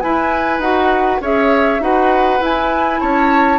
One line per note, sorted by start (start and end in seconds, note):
0.00 0.59 E4
0.00 0.61 E4
0.00 1.21 B4
0.00 0.60 G#5
0.59 1.19 D#4
0.59 1.21 F#4
0.59 1.21 F#5
1.20 1.80 C#4
1.20 1.80 G#4
1.20 1.81 C#5
1.20 1.83 E5
1.80 2.40 D#4
1.80 2.39 F#4
1.80 3.00 B4
1.80 2.43 F#5
2.39 3.59 E4
2.39 3.00 E4
2.39 3.00 G#5
3.00 3.59 C#4
3.00 3.59 C#5
3.00 3.59 A5